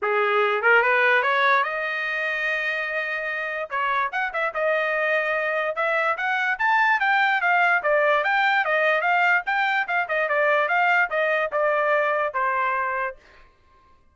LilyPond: \new Staff \with { instrumentName = "trumpet" } { \time 4/4 \tempo 4 = 146 gis'4. ais'8 b'4 cis''4 | dis''1~ | dis''4 cis''4 fis''8 e''8 dis''4~ | dis''2 e''4 fis''4 |
a''4 g''4 f''4 d''4 | g''4 dis''4 f''4 g''4 | f''8 dis''8 d''4 f''4 dis''4 | d''2 c''2 | }